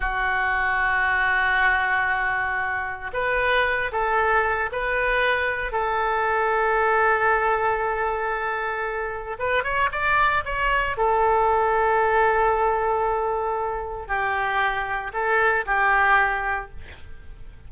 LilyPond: \new Staff \with { instrumentName = "oboe" } { \time 4/4 \tempo 4 = 115 fis'1~ | fis'2 b'4. a'8~ | a'4 b'2 a'4~ | a'1~ |
a'2 b'8 cis''8 d''4 | cis''4 a'2.~ | a'2. g'4~ | g'4 a'4 g'2 | }